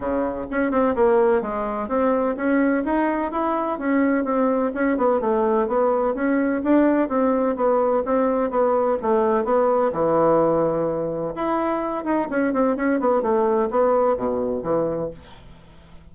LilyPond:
\new Staff \with { instrumentName = "bassoon" } { \time 4/4 \tempo 4 = 127 cis4 cis'8 c'8 ais4 gis4 | c'4 cis'4 dis'4 e'4 | cis'4 c'4 cis'8 b8 a4 | b4 cis'4 d'4 c'4 |
b4 c'4 b4 a4 | b4 e2. | e'4. dis'8 cis'8 c'8 cis'8 b8 | a4 b4 b,4 e4 | }